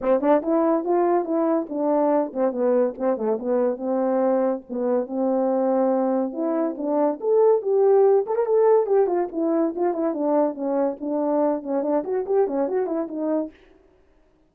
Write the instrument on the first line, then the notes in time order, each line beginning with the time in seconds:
horn
0.01 C4
0.21 D4
0.42 E4
0.84 F4
1.24 E4
1.69 D4
2.33 C4
2.51 B3
2.98 C4
3.17 A3
3.39 B3
3.76 C4
4.69 B3
5.06 C4
6.33 E4
6.77 D4
7.20 A4
7.62 G4
8.26 A4
8.35 A#4
8.46 A4
8.86 G4
9.06 F4
9.32 E4
9.75 F4
9.93 E4
10.14 D4
10.54 C#4
11.00 D4
11.63 C#4
11.82 D4
12.04 F#4
12.26 G4
12.47 C#4
12.68 F#4
12.86 E4
13.08 D#4